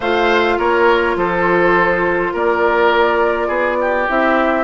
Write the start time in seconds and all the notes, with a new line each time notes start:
0.00 A3 F4 C5 F5
0.58 A#3 A#4 C#5
1.15 F3 A4 C5
2.33 A#3 A#4 D5
3.47 B3 G#4
3.80 G4
4.09 C4 E4 E5